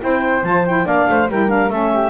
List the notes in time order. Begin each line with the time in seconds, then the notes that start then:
0.00 C4 E4 C5 G5
0.43 F3 F4 A5
0.66 E4 G5
0.85 A#3 D4 D5 F5
1.08 A3 C5
1.28 G3 E4 A#4 G5
1.48 D4 F5
1.69 A3 C#4 A4 E5
1.94 G4